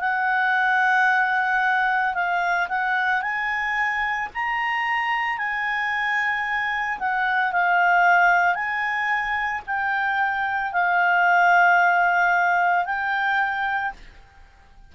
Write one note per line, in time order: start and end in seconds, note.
0.00 2.14 F#5
2.14 2.68 F5
2.68 3.22 F#5
3.22 4.29 G#5
4.34 5.38 A#5
5.38 6.98 G#5
6.99 7.52 F#5
7.52 8.55 F5
8.55 9.62 G#5
9.66 10.72 G5
10.72 12.85 F5
12.85 13.92 G5